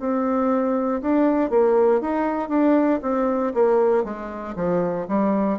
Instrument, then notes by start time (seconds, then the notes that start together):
bassoon
0.00 C4
1.02 D4
1.50 A#3
2.01 D#4
2.49 D4
3.02 C4
3.54 A#3
4.04 G#3
4.56 F3
5.08 G3